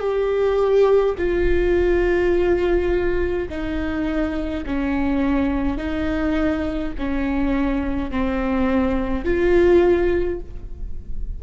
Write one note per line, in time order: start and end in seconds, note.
0.00 1.15 G4
1.18 3.49 F4
3.49 4.65 D#4
4.66 5.77 C#4
5.77 6.93 D#4
6.99 8.11 C#4
8.11 9.25 C4
9.25 10.41 F4